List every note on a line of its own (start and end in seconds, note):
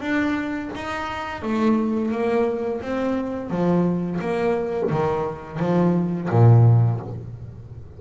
0.00 0.70 D4
0.75 1.42 D#4
1.42 2.11 A3
2.11 2.81 A#3
2.81 3.50 C4
3.50 4.20 F3
4.20 4.90 A#3
4.90 5.59 D#3
5.59 6.29 F3
6.30 7.00 A#2